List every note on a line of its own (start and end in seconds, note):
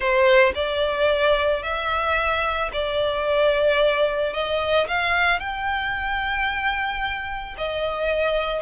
0.00 0.53 C5
0.54 1.62 D5
1.62 2.70 E5
2.72 4.33 D5
4.33 4.87 D#5
4.87 5.39 F5
5.39 7.55 G5
7.57 8.62 D#5